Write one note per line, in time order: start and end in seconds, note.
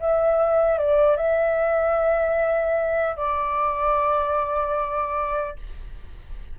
0.00 0.79 E5
0.79 1.17 D5
1.17 3.16 E5
3.16 5.56 D5